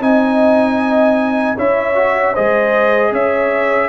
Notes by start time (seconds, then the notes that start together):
0.00 C4 D#4 D#5 G#5
1.56 C#4 E4 C#5 E5
1.95 F#4
2.33 G#3 G#4 C5 D#5
3.12 C#4 C#5 E5